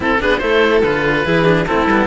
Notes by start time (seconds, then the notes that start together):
0.00 C4 E4 A4
0.19 B3 D4 G#4 B4
0.38 A3 E4 A4 C5
0.83 D3 F4 B4
1.25 E3 E4 G#4
1.44 D4
1.66 A3 C4 E4 A4
1.86 G3 B3